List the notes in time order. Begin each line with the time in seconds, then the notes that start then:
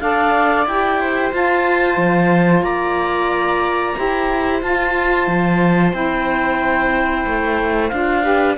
0.00 D4 A4 D5 F5
0.66 E4 G4 G5
1.01 C5
1.32 F4 A5
1.97 F3
2.62 A#3 D5 A#5
3.95 E4 G4 C5
4.62 F4 A5
5.28 F3
5.92 C4 E4 G5
7.26 A3
7.89 D4 F4 F5
8.23 G4 B4